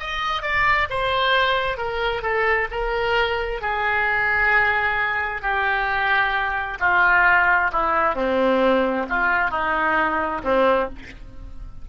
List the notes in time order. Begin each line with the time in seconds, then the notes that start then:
0.00 D#5
0.43 D5
0.90 C5
1.78 A#4
2.23 A4
2.71 A#4
3.62 G#4
5.42 G4
6.80 F4
7.73 E4
8.16 C4
9.10 F4
9.51 D#4
10.44 C4